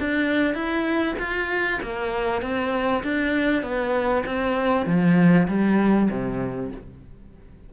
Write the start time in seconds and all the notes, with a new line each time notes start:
0.00 D4
0.54 E4
1.19 F4
1.83 A#3
2.42 C4
3.04 D4
3.63 B3
4.26 C4
4.86 F3
5.48 G3
6.11 C3